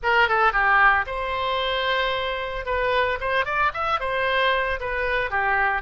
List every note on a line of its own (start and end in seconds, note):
0.03 0.28 A#4
0.28 0.52 A4
0.52 1.05 G4
1.06 2.65 C5
2.65 3.19 B4
3.20 3.45 C5
3.45 3.71 D5
3.73 4.00 E5
4.00 4.79 C5
4.80 5.30 B4
5.30 5.81 G4